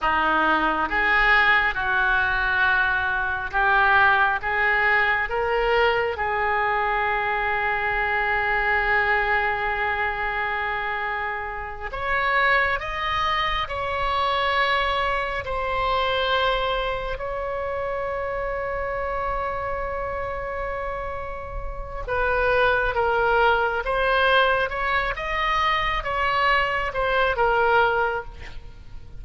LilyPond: \new Staff \with { instrumentName = "oboe" } { \time 4/4 \tempo 4 = 68 dis'4 gis'4 fis'2 | g'4 gis'4 ais'4 gis'4~ | gis'1~ | gis'4. cis''4 dis''4 cis''8~ |
cis''4. c''2 cis''8~ | cis''1~ | cis''4 b'4 ais'4 c''4 | cis''8 dis''4 cis''4 c''8 ais'4 | }